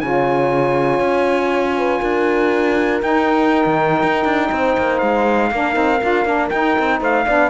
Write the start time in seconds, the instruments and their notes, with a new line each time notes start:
0.00 cello C#3, saxophone F4, horn C#5, trumpet G#5
1.00 cello C#4
1.77 horn B4
2.00 cello D4, horn A#4
3.01 saxophone D#4, cello D#4, trumpet G5
3.66 cello D#3
4.03 cello D#4
4.24 cello D4
4.51 cello C4, horn C5
4.77 cello A#3
4.98 cello G#3, trumpet F5
5.51 cello A#3, saxophone D4, horn A#4
5.73 cello C4, saxophone D#4
6.01 cello D4, saxophone F4
6.25 cello A#3, saxophone D4
6.49 saxophone D#4, cello D#4, trumpet G5
6.79 cello C4
6.99 cello A3, horn C5, trumpet F5
7.25 cello B3, saxophone D4, horn D5